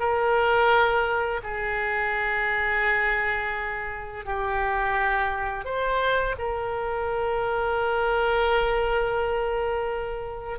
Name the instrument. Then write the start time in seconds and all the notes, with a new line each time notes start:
oboe
0.00 A#4
1.44 G#4
4.25 G4
5.65 C5
6.39 A#4